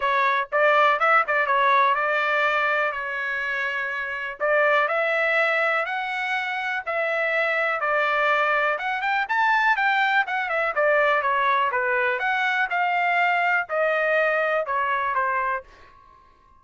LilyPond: \new Staff \with { instrumentName = "trumpet" } { \time 4/4 \tempo 4 = 123 cis''4 d''4 e''8 d''8 cis''4 | d''2 cis''2~ | cis''4 d''4 e''2 | fis''2 e''2 |
d''2 fis''8 g''8 a''4 | g''4 fis''8 e''8 d''4 cis''4 | b'4 fis''4 f''2 | dis''2 cis''4 c''4 | }